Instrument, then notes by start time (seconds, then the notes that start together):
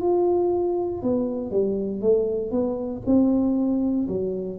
tuba
0.00 F4
1.02 B3
1.51 G3
2.01 A3
2.51 B3
3.06 C4
4.08 F#3